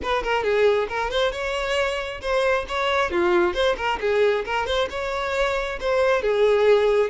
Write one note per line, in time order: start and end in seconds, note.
0.02 0.23 B4
0.23 0.43 A#4
0.43 0.87 G#4
0.88 1.10 A#4
1.10 1.32 C5
1.32 2.20 C#5
2.21 2.65 C5
2.68 3.10 C#5
3.10 3.54 F4
3.54 3.76 C5
3.77 3.99 A#4
4.00 4.44 G#4
4.45 4.66 A#4
4.66 4.88 C5
4.90 5.79 C#5
5.80 6.22 C5
6.22 7.10 G#4